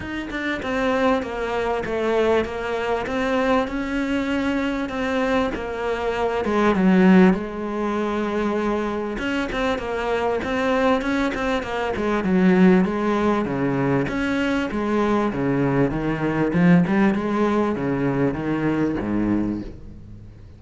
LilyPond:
\new Staff \with { instrumentName = "cello" } { \time 4/4 \tempo 4 = 98 dis'8 d'8 c'4 ais4 a4 | ais4 c'4 cis'2 | c'4 ais4. gis8 fis4 | gis2. cis'8 c'8 |
ais4 c'4 cis'8 c'8 ais8 gis8 | fis4 gis4 cis4 cis'4 | gis4 cis4 dis4 f8 g8 | gis4 cis4 dis4 gis,4 | }